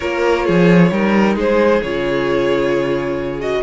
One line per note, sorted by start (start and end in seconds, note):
0.00 0.48 A#3
0.00 0.91 F4
0.00 0.45 A#4
0.00 1.36 C#5
0.45 0.91 F3
0.45 0.90 G#4
0.91 1.36 G3
0.91 1.82 D#4
0.91 1.35 A#4
1.35 1.81 G#3
1.35 3.62 G#4
1.35 1.82 C5
1.82 3.62 C#3
1.82 3.40 F4
1.82 3.40 C#5
3.40 3.62 F#4
3.40 3.62 D#5